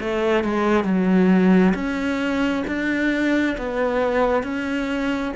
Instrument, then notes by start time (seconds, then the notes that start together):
cello
0.00 A3
0.44 G#3
0.84 F#3
1.74 C#4
2.67 D4
3.58 B3
4.43 C#4